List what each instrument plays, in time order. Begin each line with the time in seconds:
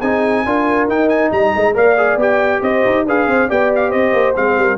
0.00 tuba C4, trombone D#4, horn G#4, trumpet G#5
0.46 tuba D4, trombone F4, horn A#4
0.88 tuba D#4, trombone D#4, trumpet G5
1.09 trumpet G#5
1.32 tuba G3, horn D#5, trumpet A#5
1.56 tuba G#3
1.74 tuba A#3, trombone A#4, horn D5, trumpet F5
1.98 trombone G#4
2.17 tuba B3, trombone G4, trumpet G5
2.61 tuba C4, horn C5, trumpet D#5
2.86 tuba D#4
3.06 tuba D4, trombone G#4, horn B4, trumpet F5
3.27 tuba C4, horn C5
3.48 tuba B3, trombone G4, horn D5, trumpet G5
3.75 trumpet F5
3.90 tuba C4, horn C5, trumpet D#5
4.14 tuba A#3
4.35 tuba G#3, trombone C4, trumpet F5
4.57 tuba G3, horn A#4